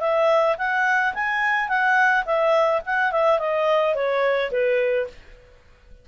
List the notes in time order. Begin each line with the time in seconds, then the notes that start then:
0.00 E5
0.58 F#5
1.14 G#5
1.68 F#5
2.25 E5
2.86 F#5
3.12 E5
3.39 D#5
3.95 C#5
4.51 B4